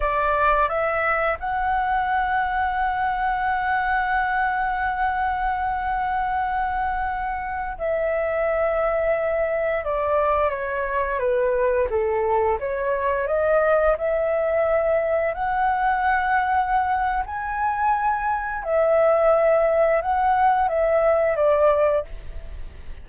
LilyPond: \new Staff \with { instrumentName = "flute" } { \time 4/4 \tempo 4 = 87 d''4 e''4 fis''2~ | fis''1~ | fis''2.~ fis''16 e''8.~ | e''2~ e''16 d''4 cis''8.~ |
cis''16 b'4 a'4 cis''4 dis''8.~ | dis''16 e''2 fis''4.~ fis''16~ | fis''4 gis''2 e''4~ | e''4 fis''4 e''4 d''4 | }